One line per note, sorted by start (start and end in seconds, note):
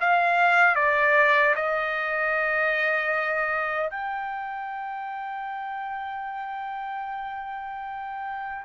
0.00 0.75 F5
0.75 1.54 D5
1.55 3.90 D#5
3.90 8.64 G5